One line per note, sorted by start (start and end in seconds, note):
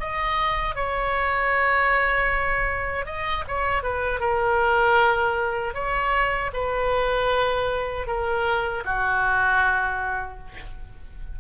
0.00 0.75 D#5
0.75 3.06 C#5
3.06 3.44 D#5
3.48 3.83 C#5
3.83 4.20 B4
4.20 5.74 A#4
5.74 6.51 C#5
6.53 8.07 B4
8.07 8.84 A#4
8.85 10.39 F#4